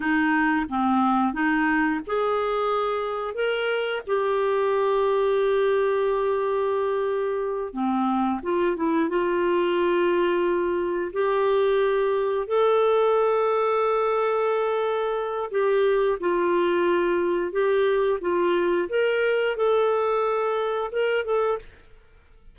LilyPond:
\new Staff \with { instrumentName = "clarinet" } { \time 4/4 \tempo 4 = 89 dis'4 c'4 dis'4 gis'4~ | gis'4 ais'4 g'2~ | g'2.~ g'8 c'8~ | c'8 f'8 e'8 f'2~ f'8~ |
f'8 g'2 a'4.~ | a'2. g'4 | f'2 g'4 f'4 | ais'4 a'2 ais'8 a'8 | }